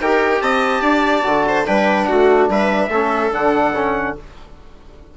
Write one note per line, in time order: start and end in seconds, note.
0.00 0.41 D#4
0.00 1.23 G4
0.00 0.43 A#4
0.00 0.41 G5
0.41 0.81 C4
0.41 0.81 D#5
0.41 1.66 A5
0.81 1.23 D4
0.81 1.44 D5
1.23 1.67 D3
1.23 1.65 F#4
1.48 1.67 C5
1.65 2.09 G3
1.65 2.90 D4
1.65 2.08 B4
1.65 2.05 G5
2.05 2.48 A3
2.05 2.49 F#4
2.05 2.46 F#5
2.48 2.88 G3
2.48 2.89 B4
2.48 3.33 E5
2.88 3.30 A3
2.88 3.32 C#4
2.88 4.14 A4
3.32 4.17 D3
3.32 3.74 D4
3.32 4.17 F#5
3.75 4.16 C#4